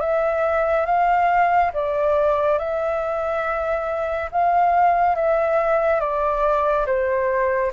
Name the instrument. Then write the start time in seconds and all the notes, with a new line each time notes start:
flute
0.00 E5
0.86 F5
1.73 D5
2.59 E5
4.31 F5
5.15 E5
6.00 D5
6.86 C5